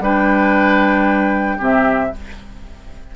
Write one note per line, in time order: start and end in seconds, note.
0.00 1.58 G3
0.00 1.59 D4
0.00 1.58 B4
0.00 1.62 G5
1.58 2.13 C3
1.58 2.12 C4
1.58 2.11 G4
1.58 2.16 E5